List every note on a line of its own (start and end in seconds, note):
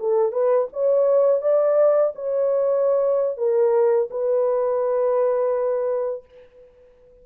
0.00 0.32 A4
0.32 0.68 B4
0.73 1.42 C#5
1.42 2.13 D5
2.15 3.38 C#5
3.38 4.09 A#4
4.11 6.25 B4